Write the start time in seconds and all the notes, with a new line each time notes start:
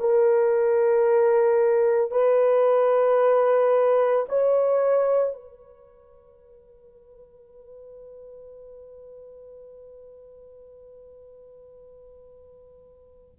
0.00 A#4
2.11 B4
4.29 C#5
5.33 B4